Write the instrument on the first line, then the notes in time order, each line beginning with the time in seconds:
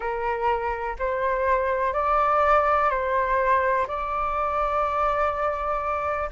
flute
0.00 A#4
0.99 C5
1.93 D5
2.89 C5
3.87 D5